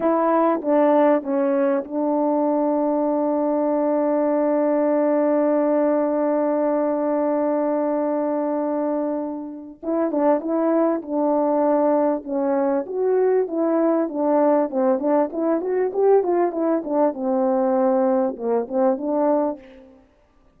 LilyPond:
\new Staff \with { instrumentName = "horn" } { \time 4/4 \tempo 4 = 98 e'4 d'4 cis'4 d'4~ | d'1~ | d'1~ | d'1 |
e'8 d'8 e'4 d'2 | cis'4 fis'4 e'4 d'4 | c'8 d'8 e'8 fis'8 g'8 f'8 e'8 d'8 | c'2 ais8 c'8 d'4 | }